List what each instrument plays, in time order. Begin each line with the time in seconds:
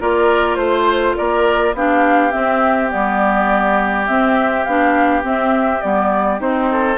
0.00 bassoon A#3, clarinet F4, oboe A#4, flute D5
0.55 bassoon A3, flute C5, oboe C5
1.17 bassoon A#3, oboe A#4, flute D5
1.74 bassoon B3, clarinet D4, oboe G4, flute F5
2.32 clarinet C4, bassoon C4, flute E5
2.90 bassoon G3, clarinet B3, flute D5
4.07 clarinet C4, bassoon C4, flute E5
4.64 bassoon B3, clarinet D4, flute F5
5.23 clarinet C4, bassoon C4, flute E5
5.82 bassoon G3, clarinet B3, flute D5
6.40 clarinet C4, bassoon D#4, flute C5
6.71 oboe A4